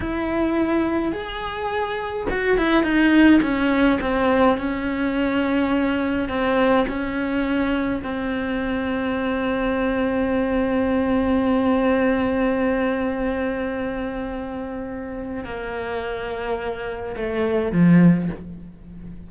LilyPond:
\new Staff \with { instrumentName = "cello" } { \time 4/4 \tempo 4 = 105 e'2 gis'2 | fis'8 e'8 dis'4 cis'4 c'4 | cis'2. c'4 | cis'2 c'2~ |
c'1~ | c'1~ | c'2. ais4~ | ais2 a4 f4 | }